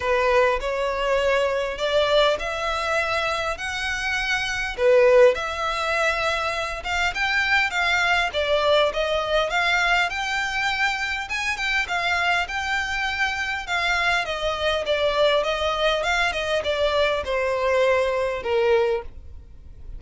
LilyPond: \new Staff \with { instrumentName = "violin" } { \time 4/4 \tempo 4 = 101 b'4 cis''2 d''4 | e''2 fis''2 | b'4 e''2~ e''8 f''8 | g''4 f''4 d''4 dis''4 |
f''4 g''2 gis''8 g''8 | f''4 g''2 f''4 | dis''4 d''4 dis''4 f''8 dis''8 | d''4 c''2 ais'4 | }